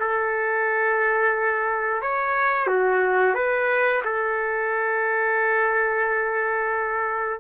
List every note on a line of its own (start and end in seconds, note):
0.00 2.02 A4
2.02 2.68 C#5
2.68 3.35 F#4
3.35 4.02 B4
4.05 7.41 A4